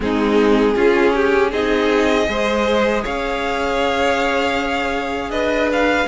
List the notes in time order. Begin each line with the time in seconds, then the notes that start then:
0.00 G#3 C4 D#4 G#4
0.75 C#4 F4
1.13 G4
1.51 C4 D#4 G#4 D#5
2.25 G#3 G#4 C5
3.02 C#4 C#5 F5
5.30 D4 B4 D#5
5.72 F5